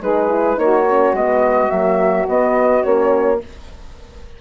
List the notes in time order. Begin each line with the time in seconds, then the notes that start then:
0.00 G#3 D#4 G#4 B4
0.28 E4
0.55 A#3 D#4 F#4 C#5
0.89 C#4
1.13 G#3 B3 D#5
1.70 F#3 A#3 E5
2.27 B3 D#5
2.82 A#3 C#4 C#5